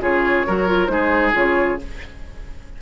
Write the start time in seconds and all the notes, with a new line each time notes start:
0.00 C#3 F4 G#4 C#5
0.47 F#3 F#4 A#4
0.68 F4
0.87 G#3 D#4 G#4 C5
1.33 C#3 F4 C#5